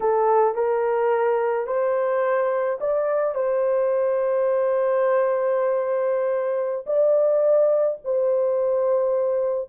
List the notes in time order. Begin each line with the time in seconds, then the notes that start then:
0.00 A4
0.54 A#4
1.66 C5
2.80 D5
3.34 C5
6.86 D5
8.04 C5